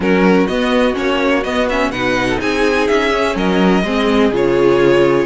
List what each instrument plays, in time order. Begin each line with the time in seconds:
0.00 cello F#3, viola C#4, violin F#4 A#4
0.47 cello B3, viola B3, violin D#5
0.94 cello A#3, viola C#4, violin C#5
1.43 cello B3, viola B3, violin D#5
1.69 viola C#4, violin E5
1.89 cello B2, viola D#4, violin B4 F#5
2.28 violin A4
2.40 cello C4, violin G#4 G#5
2.87 cello C#4, violin E5
3.10 viola C#4
3.35 cello F#3, violin A#4 D#5
3.83 cello G#3, viola C4, violin G#4
4.31 cello C#3, viola F4, violin C#5